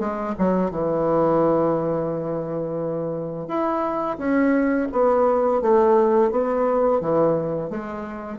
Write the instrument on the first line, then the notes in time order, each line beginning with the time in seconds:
bassoon
0.00 G#3
0.39 F#3
0.71 E3
3.48 E4
4.18 C#4
4.92 B3
5.62 A3
6.31 B3
7.01 E3
7.70 G#3